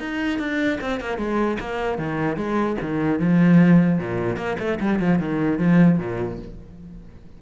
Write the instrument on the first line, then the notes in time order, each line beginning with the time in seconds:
cello
0.00 D#4
0.39 D4
0.81 C4
1.00 A#3
1.18 G#3
1.60 A#3
1.98 D#3
2.37 G#3
2.82 D#3
3.20 F3
3.99 A#2
4.37 A#3
4.59 A3
4.81 G3
5.00 F3
5.19 D#3
5.59 F3
5.99 A#2